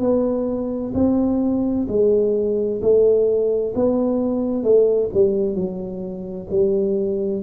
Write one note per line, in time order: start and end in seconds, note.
0.00 0.92 B3
0.94 1.86 C4
1.88 2.80 G#3
2.81 3.73 A3
3.75 4.63 B3
4.63 5.09 A3
5.13 5.54 G3
5.54 6.47 F#3
6.50 7.42 G3